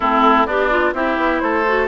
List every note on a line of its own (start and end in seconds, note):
0.00 0.46 A3
0.00 0.48 C4
0.00 0.46 E4
0.00 0.46 A4
0.46 0.93 B3
0.46 0.94 D4
0.46 0.70 G4
0.46 0.93 D5
0.70 0.94 F4
0.93 1.16 C4
0.93 1.65 E4
0.93 1.42 G4
0.93 1.39 E5
1.17 1.40 B3
1.39 1.87 A3
1.39 1.87 A4
1.39 1.87 C5
1.67 1.87 F#4